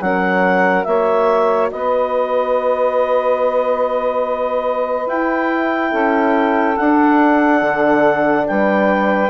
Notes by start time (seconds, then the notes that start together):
0.00 F#3 C#4 A#4 F#5
0.83 A#3 F#4 C#5 E5
1.71 B3 B4 D#5
5.06 E4 G5
5.91 C#4 A4
6.76 D4 F#5
7.62 D3
8.46 G3 B4 G5